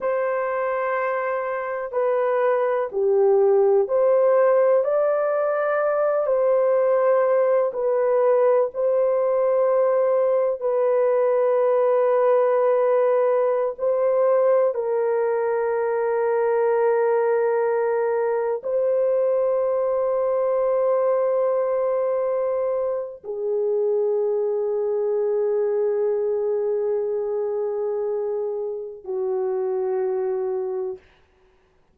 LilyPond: \new Staff \with { instrumentName = "horn" } { \time 4/4 \tempo 4 = 62 c''2 b'4 g'4 | c''4 d''4. c''4. | b'4 c''2 b'4~ | b'2~ b'16 c''4 ais'8.~ |
ais'2.~ ais'16 c''8.~ | c''1 | gis'1~ | gis'2 fis'2 | }